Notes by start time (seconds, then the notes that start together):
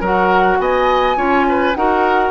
0.00 F#3 F#4 A#4 F#5
0.59 B3 D#5 G#5
1.16 C#4 F4 C#5
1.48 B4
1.75 D#4 F#4 A#4 F#5